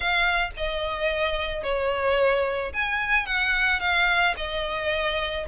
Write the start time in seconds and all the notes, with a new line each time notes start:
0.00 F5
0.56 D#5
1.63 C#5
2.73 G#5
3.26 F#5
3.80 F5
4.36 D#5